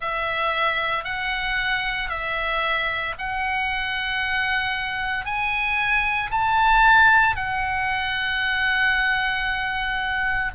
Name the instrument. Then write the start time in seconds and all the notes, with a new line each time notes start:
oboe
0.00 E5
1.04 F#5
2.09 E5
3.18 F#5
5.25 G#5
6.31 A5
7.35 F#5